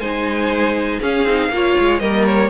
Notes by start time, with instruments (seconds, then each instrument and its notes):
0.00 cello G#3, viola D#4, violin C5 G#5
1.00 viola C#4, cello C#4, violin G#4 F5
1.24 cello C4, viola D#4
1.49 cello A#3, viola F4
1.56 violin C#5
1.80 cello G#3
2.00 cello G3, viola A#3, violin A#4 D#5
2.26 violin C#5